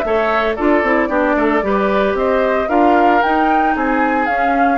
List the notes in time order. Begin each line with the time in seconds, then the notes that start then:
0.00 A3 A4 E5
0.07 C#5
0.55 D4 F4 A4 D5
0.83 C4 E4
1.09 B3 D4 G4
1.36 A3 A4
1.62 G3 G4 B4
2.14 C4 C5 D#5
2.69 D4 F4 A#4 F5
3.22 D#4 G5
3.76 C4 G#4 G#5
4.26 C#4 F5